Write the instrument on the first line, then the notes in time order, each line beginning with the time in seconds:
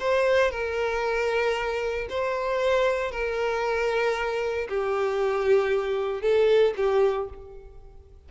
violin
0.00 C5
0.51 A#4
2.10 C5
3.12 A#4
4.69 G4
6.22 A4
6.77 G4